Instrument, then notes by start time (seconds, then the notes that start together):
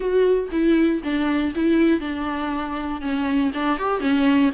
viola
0.00 F#4
0.51 E4
1.03 D4
1.55 E4
2.00 D4
3.01 C#4
3.53 D4
3.78 G4
4.00 C#4